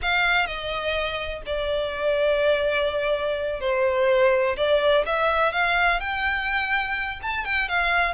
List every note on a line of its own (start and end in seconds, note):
0.01 0.46 F5
0.46 1.42 D#5
1.46 3.60 D5
3.60 4.56 C5
4.56 5.04 D5
5.06 5.52 E5
5.52 6.00 F5
6.00 7.20 G5
7.22 7.44 A5
7.44 7.68 G5
7.68 8.14 F5